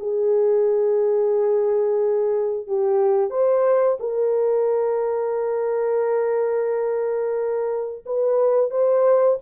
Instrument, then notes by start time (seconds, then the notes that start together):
horn
0.00 G#4
2.67 G4
3.30 C5
4.00 A#4
8.06 B4
8.71 C5